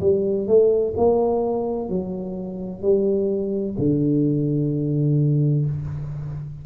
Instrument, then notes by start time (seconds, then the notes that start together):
tuba
0.00 G3
0.47 A3
0.96 A#3
1.89 F#3
2.82 G3
3.78 D3